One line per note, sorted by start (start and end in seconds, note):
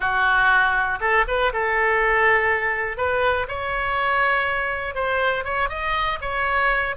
0.00 0.99 F#4
1.00 1.25 A4
1.27 1.52 B4
1.52 2.97 A4
2.97 3.46 B4
3.48 4.95 C#5
4.95 5.44 C5
5.44 5.69 C#5
5.69 6.18 D#5
6.21 6.95 C#5